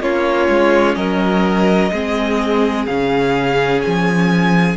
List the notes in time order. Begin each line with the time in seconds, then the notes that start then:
0.00 A#3 C#4 F4 C#5
0.49 G#3
0.95 F#3 A#4 D#5
1.92 G#3 C4 G#4
2.86 C#3 C#4 F5
3.81 F3 G#5